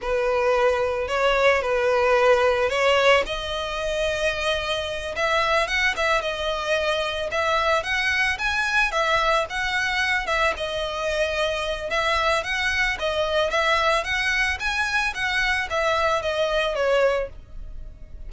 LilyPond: \new Staff \with { instrumentName = "violin" } { \time 4/4 \tempo 4 = 111 b'2 cis''4 b'4~ | b'4 cis''4 dis''2~ | dis''4. e''4 fis''8 e''8 dis''8~ | dis''4. e''4 fis''4 gis''8~ |
gis''8 e''4 fis''4. e''8 dis''8~ | dis''2 e''4 fis''4 | dis''4 e''4 fis''4 gis''4 | fis''4 e''4 dis''4 cis''4 | }